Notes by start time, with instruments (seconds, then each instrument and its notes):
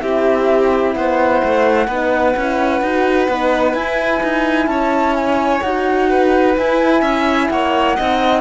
0.00 cello C4, horn E4, violin G4, flute E5
0.94 cello B3, violin C5, flute F#5
1.44 cello A3
1.87 cello B3, horn D#4, violin B4
2.36 cello C#4, horn E4
2.81 cello D#4, horn F#4
3.28 cello B3, horn D#4
3.74 cello E4, horn E4, flute G#5
4.23 cello D#4
4.66 cello C#4, violin C#5, flute A5
5.15 flute G#5
5.61 cello D#4, horn F#4, flute F#5
6.09 violin B4
6.57 horn E4, cello E4, flute G#5
7.01 cello C#4, violin E5
7.49 cello A#3, violin C#5, flute F#5
7.96 cello C4, horn D#4, violin D#5